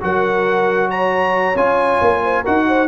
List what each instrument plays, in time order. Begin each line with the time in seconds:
0.00 tuba F#3, trombone F#4, horn A#4, trumpet F#5
0.90 horn C#5, trumpet A#5
1.55 tuba C#4, trombone F4, trumpet G#5
2.01 tuba A#3
2.23 horn C5
2.41 tuba D#4, trombone F#4, horn A#4, trumpet F#5
2.67 horn C5